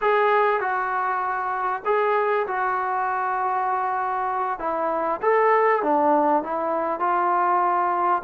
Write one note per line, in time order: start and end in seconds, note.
0.01 0.60 G#4
0.60 1.83 F#4
1.85 2.46 G#4
2.47 4.59 F#4
4.59 5.20 E4
5.21 5.82 A4
5.82 6.43 D4
6.43 6.99 E4
6.99 8.22 F4